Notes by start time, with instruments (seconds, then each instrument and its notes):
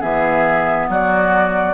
0.00 bassoon E3, clarinet B3, oboe G#4, flute E5
0.88 bassoon F#3, oboe F#4, flute D5